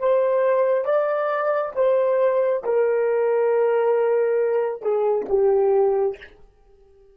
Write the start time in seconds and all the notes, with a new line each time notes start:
0.00 C5
0.85 D5
1.76 C5
2.65 A#4
4.82 G#4
5.29 G4